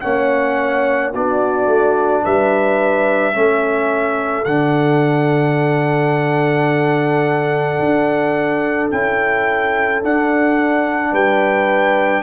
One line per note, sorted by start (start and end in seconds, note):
0.00 1.14 A#3
0.00 1.13 C#4
0.00 1.12 C#5
0.00 1.11 F#5
1.12 1.66 B3
1.12 3.33 D4
1.12 2.23 F#4
1.12 2.24 D5
1.66 2.22 A3
2.24 3.35 G3
2.24 3.35 B4
2.24 4.44 E5
3.33 4.45 A3
3.33 4.44 C#4
3.33 11.11 A4
4.44 7.78 D3
4.44 8.92 D4
4.44 8.89 F#5
7.79 8.90 D4
8.91 10.03 C#4
8.91 10.03 E4
8.91 10.02 G5
10.03 12.22 D4
10.03 11.12 D4
10.03 11.14 F#5
11.11 12.22 G3
11.11 12.22 B4
11.11 12.22 G5